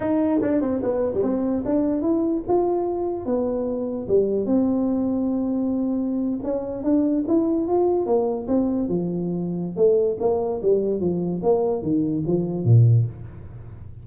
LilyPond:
\new Staff \with { instrumentName = "tuba" } { \time 4/4 \tempo 4 = 147 dis'4 d'8 c'8 b8. g16 c'4 | d'4 e'4 f'2 | b2 g4 c'4~ | c'2.~ c'8. cis'16~ |
cis'8. d'4 e'4 f'4 ais16~ | ais8. c'4 f2~ f16 | a4 ais4 g4 f4 | ais4 dis4 f4 ais,4 | }